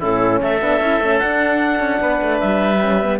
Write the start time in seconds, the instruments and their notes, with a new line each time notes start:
0.00 cello A2, horn C#4, oboe E4, clarinet A4
0.42 cello A3, oboe A4, clarinet E5
0.62 cello B3, horn D4
0.81 cello C#4, horn E4
1.01 cello A3, horn C#4
1.19 horn D4, cello D4, clarinet F#5
1.80 cello C#4
2.01 cello B3, oboe B4
2.22 cello A3
2.40 cello G3, clarinet E5
2.81 horn C#4
3.03 horn B3